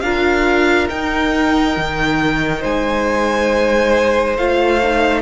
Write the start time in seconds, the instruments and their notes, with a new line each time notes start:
0.00 cello D4, viola F4, violin A#4 F5
0.89 viola D#4, cello D#4, violin G5
1.76 cello D#3
2.60 cello G#3, violin C5 G#5
4.37 cello A3, viola F4, violin F5
4.82 viola D#4